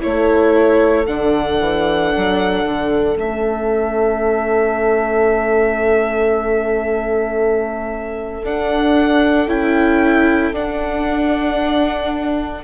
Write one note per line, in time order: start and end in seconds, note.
0.00 1.07 A3
0.00 1.05 E4
0.00 12.64 A4
0.00 1.06 C#5
1.06 1.60 D3
1.06 3.14 D4
1.06 3.16 F#5
1.60 2.12 E3
2.16 2.64 F#3
2.64 3.15 D3
3.14 8.42 A3
3.14 8.41 C#4
3.14 8.45 E5
8.42 9.46 D4
8.42 9.48 D4
8.42 9.49 F#5
9.46 10.52 C#4
9.46 10.53 E4
9.46 10.54 G5
10.52 12.62 D4
10.52 12.64 D4
10.52 12.64 F#5